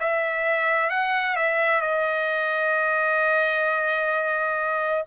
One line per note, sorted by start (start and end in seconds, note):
0.00 0.90 E5
0.90 1.36 F#5
1.36 1.81 E5
1.81 5.04 D#5